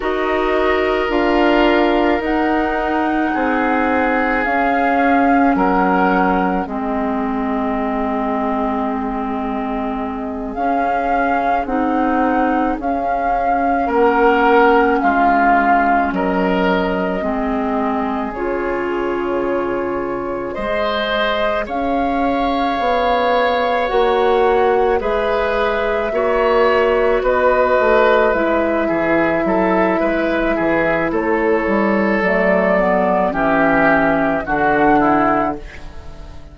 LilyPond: <<
  \new Staff \with { instrumentName = "flute" } { \time 4/4 \tempo 4 = 54 dis''4 f''4 fis''2 | f''4 fis''4 dis''2~ | dis''4. f''4 fis''4 f''8~ | f''8 fis''4 f''4 dis''4.~ |
dis''8 cis''2 dis''4 f''8~ | f''4. fis''4 e''4.~ | e''8 dis''4 e''2~ e''8 | cis''4 d''4 e''4 fis''4 | }
  \new Staff \with { instrumentName = "oboe" } { \time 4/4 ais'2. gis'4~ | gis'4 ais'4 gis'2~ | gis'1~ | gis'8 ais'4 f'4 ais'4 gis'8~ |
gis'2~ gis'8 c''4 cis''8~ | cis''2~ cis''8 b'4 cis''8~ | cis''8 b'4. gis'8 a'8 b'8 gis'8 | a'2 g'4 fis'8 e'8 | }
  \new Staff \with { instrumentName = "clarinet" } { \time 4/4 fis'4 f'4 dis'2 | cis'2 c'2~ | c'4. cis'4 dis'4 cis'8~ | cis'2.~ cis'8 c'8~ |
c'8 f'2 gis'4.~ | gis'4. fis'4 gis'4 fis'8~ | fis'4. e'2~ e'8~ | e'4 a8 b8 cis'4 d'4 | }
  \new Staff \with { instrumentName = "bassoon" } { \time 4/4 dis'4 d'4 dis'4 c'4 | cis'4 fis4 gis2~ | gis4. cis'4 c'4 cis'8~ | cis'8 ais4 gis4 fis4 gis8~ |
gis8 cis2 gis4 cis'8~ | cis'8 b4 ais4 gis4 ais8~ | ais8 b8 a8 gis8 e8 fis8 gis8 e8 | a8 g8 fis4 e4 d4 | }
>>